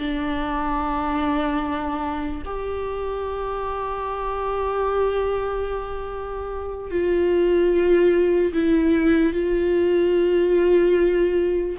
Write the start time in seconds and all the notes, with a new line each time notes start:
0.00 D4
2.45 G4
6.91 F4
8.54 E4
9.34 F4